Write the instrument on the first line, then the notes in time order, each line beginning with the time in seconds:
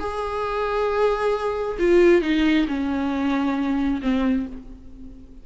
viola
0.00 G#4
1.79 F4
2.22 D#4
2.68 C#4
4.02 C4